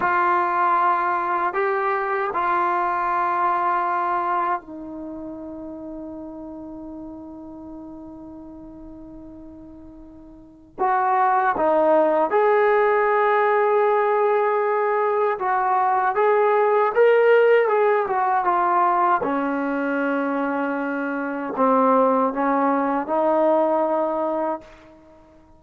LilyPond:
\new Staff \with { instrumentName = "trombone" } { \time 4/4 \tempo 4 = 78 f'2 g'4 f'4~ | f'2 dis'2~ | dis'1~ | dis'2 fis'4 dis'4 |
gis'1 | fis'4 gis'4 ais'4 gis'8 fis'8 | f'4 cis'2. | c'4 cis'4 dis'2 | }